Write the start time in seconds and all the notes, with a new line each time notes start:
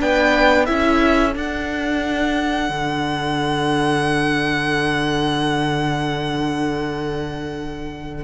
0.00 B3 D4 B4 G5
0.66 C#4 E4 A4 E5
1.33 D4 F#5
2.70 D3